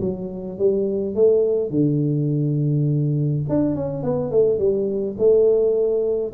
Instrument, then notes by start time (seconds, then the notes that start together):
tuba
0.00 F#3
0.58 G3
1.15 A3
1.70 D3
3.49 D4
3.75 C#4
4.03 B3
4.31 A3
4.58 G3
5.18 A3